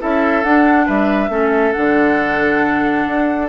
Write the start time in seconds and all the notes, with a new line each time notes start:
0.00 C#4 E4 A4 E5
0.44 D4 F#5
0.86 G3 B4 E5
1.29 A3 C#4 A4
1.73 D3 D4 F#5
3.07 D4